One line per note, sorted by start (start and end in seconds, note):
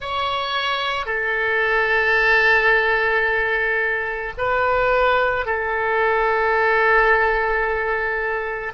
0.00 1.06 C#5
1.06 4.33 A4
4.37 5.45 B4
5.45 8.73 A4